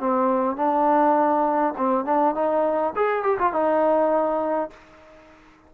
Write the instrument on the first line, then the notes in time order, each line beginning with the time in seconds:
trombone
0.00 C4
0.57 D4
1.78 C4
2.05 D4
2.35 D#4
2.96 G#4
3.23 G4
3.39 F4
3.53 D#4